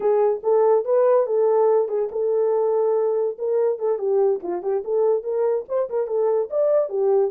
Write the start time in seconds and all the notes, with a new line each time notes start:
0.00 G#4
0.43 A4
0.84 B4
1.26 A4
1.88 G#4
2.11 A4
3.38 A#4
3.78 A4
3.98 G4
4.43 F4
4.62 G4
4.84 A4
5.23 A#4
5.68 C5
5.89 A#4
6.07 A4
6.50 D5
6.89 G4